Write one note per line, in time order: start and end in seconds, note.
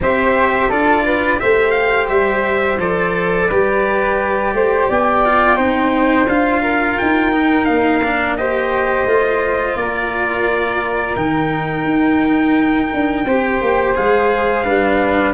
0.01 0.69 C4
0.01 0.71 G4
0.01 0.68 C5
0.01 0.71 E5
0.68 1.39 D4
0.68 1.38 F4
0.68 1.03 A4
0.68 1.40 D5
1.05 1.39 B4
1.38 2.09 A3
1.38 2.77 G4
1.38 3.48 C5
1.38 1.71 E5
1.71 2.06 F5
2.08 2.78 G3
2.08 2.78 E5
2.78 3.48 F3
2.78 3.49 A4
2.78 4.89 D5
3.48 4.53 G3
3.48 5.25 G4
3.48 4.53 B4
4.53 4.88 A3
4.53 4.89 C5
4.89 5.58 B3
4.89 5.56 D5
4.89 6.28 G5
5.25 5.56 F4
5.56 6.26 C4
5.56 6.26 D#4
5.56 6.60 C5
6.26 6.96 D4
6.26 7.32 F4
6.26 6.98 F5
6.62 8.36 A#4
6.98 7.68 D#4
6.98 7.65 G5
7.32 8.01 D#4
7.65 9.05 A#3
7.65 8.34 F5
8.03 8.37 D4
8.37 9.07 G4
8.37 9.78 C5
8.37 9.76 D#5
9.05 9.75 A3
9.05 11.16 F4
9.75 11.15 A#3
9.75 13.26 A#4
9.75 11.15 D5
11.15 11.84 D#3
11.15 13.26 D#4
11.15 13.94 G5
11.84 12.89 D#4
12.93 13.25 D4
13.25 13.60 C4
13.25 13.94 G4
13.25 14.63 C5
13.61 13.96 A#3
13.94 14.66 G#3
13.94 14.64 G#4
13.94 15.34 F5
14.63 15.34 G3
14.63 15.34 D4
14.63 15.33 B4